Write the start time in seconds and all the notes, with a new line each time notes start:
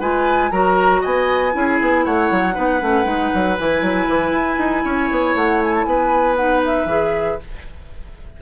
0.00 G#3 F4 B4 G#5
0.51 F#3 F#4 A#4 A#5
1.01 B3 D#5 G#5
1.52 C#4 E4 G#4
1.81 B3
2.05 A3 C#5 F#5
2.31 F#3
2.54 B3 D#4 B4
2.81 A3 C#4
3.04 G#3 D#4
3.35 F#3
3.59 E3 E4 G#5
3.82 F#3
4.08 E3
4.32 E4
4.58 D#4
4.85 C#4 C#5
5.11 B3
5.35 A3 F#5
5.63 G#5
5.74 A5
5.84 B3 B4 G#5
6.37 D#4 F#5
6.65 E5
6.85 E3 G#4